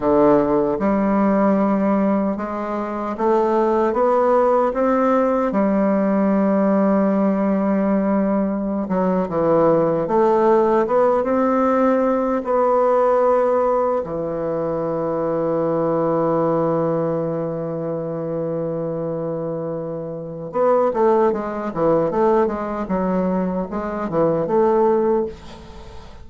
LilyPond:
\new Staff \with { instrumentName = "bassoon" } { \time 4/4 \tempo 4 = 76 d4 g2 gis4 | a4 b4 c'4 g4~ | g2.~ g16 fis8 e16~ | e8. a4 b8 c'4. b16~ |
b4.~ b16 e2~ e16~ | e1~ | e2 b8 a8 gis8 e8 | a8 gis8 fis4 gis8 e8 a4 | }